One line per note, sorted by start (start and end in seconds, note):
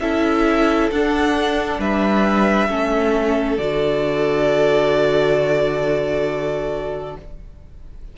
0.00 0.90 C#4
0.00 0.91 E4
0.00 1.80 A4
0.00 0.90 E5
0.92 1.79 D4
0.92 2.69 D4
0.92 1.81 F#5
1.79 2.68 G3
1.79 2.70 B4
1.79 3.58 E5
2.69 3.58 A3
2.69 3.59 C#4
2.69 7.18 A4
3.58 7.16 D3
3.58 7.18 F#4
3.58 7.16 D5